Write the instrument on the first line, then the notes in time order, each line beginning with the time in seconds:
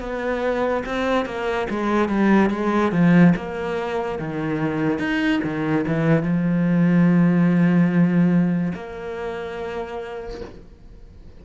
cello
0.00 B3
0.85 C4
1.25 A#3
1.70 G#3
2.09 G3
2.50 G#3
2.92 F3
3.36 A#3
4.19 D#3
4.98 D#4
5.43 D#3
5.87 E3
6.23 F3
8.74 A#3